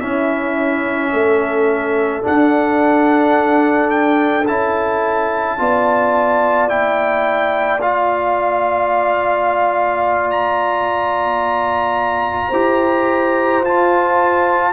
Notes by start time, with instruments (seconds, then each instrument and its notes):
0.00 trombone C#4, tuba C#4, horn E4, trumpet E5
1.13 tuba A3, horn A4
2.22 trombone D4, tuba D4, trumpet F#5
3.90 trumpet G5
4.47 tuba C#4, trombone E4, trumpet A5
5.58 tuba B3, trombone F4, horn D5
6.68 tuba A#3, trombone E4, trumpet G5
7.81 trombone F4, trumpet F5
10.31 trumpet A#5
12.48 tuba E4, trombone G4, horn C5
13.61 tuba F4, trombone F4, trumpet A5